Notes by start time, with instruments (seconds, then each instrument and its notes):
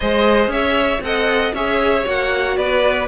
0.00 cello G#3, viola G#4, violin C5 D#5
0.47 cello C#4, violin C#5 E5
1.00 cello C4, viola A4, violin D#5 F#5
1.53 cello C#4, viola G#4, violin C#5 E5
2.04 cello A#3, viola F#4, violin F#5
2.57 cello B3, violin B4 D5